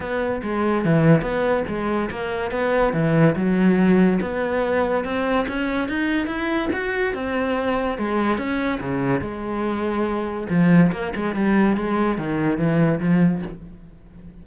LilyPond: \new Staff \with { instrumentName = "cello" } { \time 4/4 \tempo 4 = 143 b4 gis4 e4 b4 | gis4 ais4 b4 e4 | fis2 b2 | c'4 cis'4 dis'4 e'4 |
fis'4 c'2 gis4 | cis'4 cis4 gis2~ | gis4 f4 ais8 gis8 g4 | gis4 dis4 e4 f4 | }